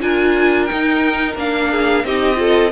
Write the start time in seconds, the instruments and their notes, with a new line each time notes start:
0.00 cello D4, viola F4, violin A#4 G#5
0.65 viola D#4, violin G5
0.72 cello D#4
1.36 cello A#3, viola D4, violin F5
1.70 violin G#4
2.04 cello C4, viola D#4, violin G4 D#5
2.35 viola F4, violin A4